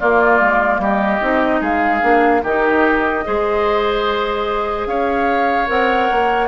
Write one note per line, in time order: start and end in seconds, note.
0.00 1.21 A#3
0.00 0.41 A#3
0.00 0.81 F4
0.00 0.81 D5
0.41 0.79 G#3
0.79 1.19 G3
0.79 1.61 G4
0.79 1.64 D#5
1.21 1.61 C4
1.21 2.02 D#4
1.61 2.02 G#3
1.61 2.42 G#4
1.61 2.45 F5
2.02 2.44 A#3
2.02 2.42 D4
2.43 3.25 D#3
2.43 3.24 D#4
2.43 3.24 G4
2.43 4.87 D#5
3.24 4.87 G#3
3.24 5.67 G#4
3.24 4.89 C5
4.87 5.68 C#4
4.87 6.48 C#5
4.87 5.68 F5
5.67 6.10 C4
5.67 6.48 A#4
5.67 6.48 F#5
6.11 6.48 A#3